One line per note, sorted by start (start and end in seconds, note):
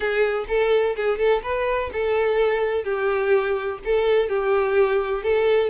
0.00 0.45 G#4
0.47 0.95 A4
0.95 1.18 G#4
1.18 1.42 A4
1.42 1.90 B4
1.93 2.84 A4
2.84 3.79 G4
3.84 4.29 A4
4.29 5.23 G4
5.23 5.70 A4